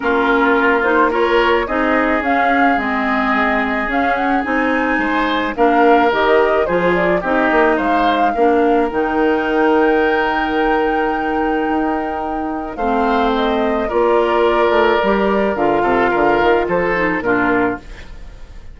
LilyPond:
<<
  \new Staff \with { instrumentName = "flute" } { \time 4/4 \tempo 4 = 108 ais'4. c''8 cis''4 dis''4 | f''4 dis''2 f''8 fis''8 | gis''2 f''4 dis''4 | c''8 d''8 dis''4 f''2 |
g''1~ | g''2. f''4 | dis''4 d''2. | f''2 c''4 ais'4 | }
  \new Staff \with { instrumentName = "oboe" } { \time 4/4 f'2 ais'4 gis'4~ | gis'1~ | gis'4 c''4 ais'2 | gis'4 g'4 c''4 ais'4~ |
ais'1~ | ais'2. c''4~ | c''4 ais'2.~ | ais'8 a'8 ais'4 a'4 f'4 | }
  \new Staff \with { instrumentName = "clarinet" } { \time 4/4 cis'4. dis'8 f'4 dis'4 | cis'4 c'2 cis'4 | dis'2 d'4 g'4 | f'4 dis'2 d'4 |
dis'1~ | dis'2. c'4~ | c'4 f'2 g'4 | f'2~ f'8 dis'8 d'4 | }
  \new Staff \with { instrumentName = "bassoon" } { \time 4/4 ais2. c'4 | cis'4 gis2 cis'4 | c'4 gis4 ais4 dis4 | f4 c'8 ais8 gis4 ais4 |
dis1~ | dis4 dis'2 a4~ | a4 ais4. a8 g4 | d8 c8 d8 dis8 f4 ais,4 | }
>>